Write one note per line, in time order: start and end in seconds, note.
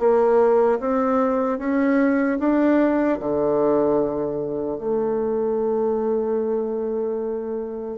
0.00 0.80 A#3
0.80 1.59 C4
1.59 2.39 C#4
2.40 3.20 D4
3.20 4.79 D3
4.79 7.98 A3